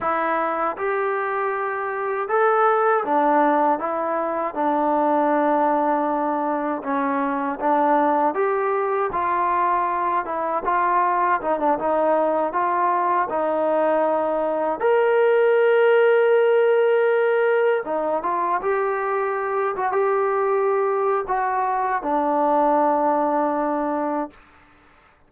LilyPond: \new Staff \with { instrumentName = "trombone" } { \time 4/4 \tempo 4 = 79 e'4 g'2 a'4 | d'4 e'4 d'2~ | d'4 cis'4 d'4 g'4 | f'4. e'8 f'4 dis'16 d'16 dis'8~ |
dis'8 f'4 dis'2 ais'8~ | ais'2.~ ais'8 dis'8 | f'8 g'4. fis'16 g'4.~ g'16 | fis'4 d'2. | }